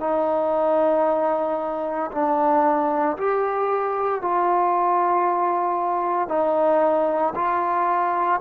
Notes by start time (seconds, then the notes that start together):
0.00 D#4
2.11 D4
3.17 G4
4.21 F4
6.28 D#4
7.35 F4